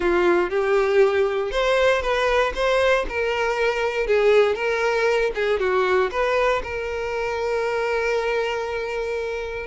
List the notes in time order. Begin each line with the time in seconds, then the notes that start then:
0.00 F4
0.50 G4
1.51 C5
2.02 B4
2.54 C5
3.08 A#4
4.07 G#4
4.55 A#4
5.34 G#4
5.59 F#4
6.11 B4
6.63 A#4